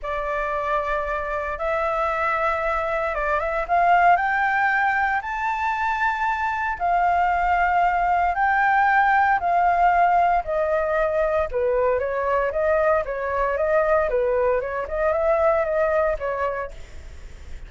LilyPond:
\new Staff \with { instrumentName = "flute" } { \time 4/4 \tempo 4 = 115 d''2. e''4~ | e''2 d''8 e''8 f''4 | g''2 a''2~ | a''4 f''2. |
g''2 f''2 | dis''2 b'4 cis''4 | dis''4 cis''4 dis''4 b'4 | cis''8 dis''8 e''4 dis''4 cis''4 | }